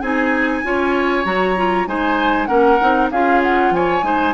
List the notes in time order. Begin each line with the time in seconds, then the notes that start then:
0.00 C4 D#4 G#4 G#5
0.63 C#4 F4 C#5
1.24 F#3 F#4 A#5
1.57 F4
1.86 G#3 D#4 C5 G#5
2.46 A#3 C#4 A#4 F#5
2.81 C4 D#4
3.11 C#4 F4 G#4 F5
3.42 F#5
3.70 F3 C#5 G#5
4.02 G#3 D#4 C5